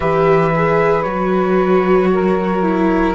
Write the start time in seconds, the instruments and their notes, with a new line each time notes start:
0.00 cello E3, viola G4, saxophone B4, flute E5
0.55 viola G#4
1.02 cello F#3, viola F#4, flute C#5
2.13 saxophone A#4
2.62 viola E4